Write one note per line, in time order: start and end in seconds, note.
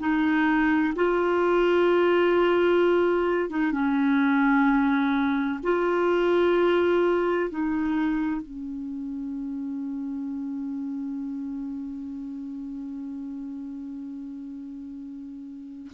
0.00 0.94 D#4
0.96 3.50 F4
3.50 3.72 D#4
3.72 5.60 C#4
5.64 7.50 F4
7.50 8.42 D#4
8.42 15.92 C#4